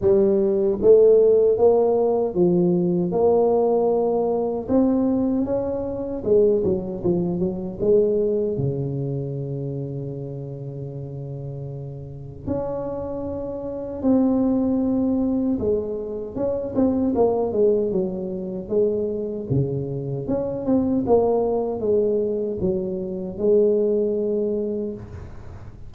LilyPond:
\new Staff \with { instrumentName = "tuba" } { \time 4/4 \tempo 4 = 77 g4 a4 ais4 f4 | ais2 c'4 cis'4 | gis8 fis8 f8 fis8 gis4 cis4~ | cis1 |
cis'2 c'2 | gis4 cis'8 c'8 ais8 gis8 fis4 | gis4 cis4 cis'8 c'8 ais4 | gis4 fis4 gis2 | }